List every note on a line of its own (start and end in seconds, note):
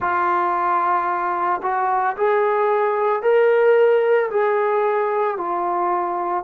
0.00 1.61 F4
1.62 2.15 F#4
2.16 3.22 G#4
3.22 4.29 A#4
4.30 5.37 G#4
5.37 6.43 F4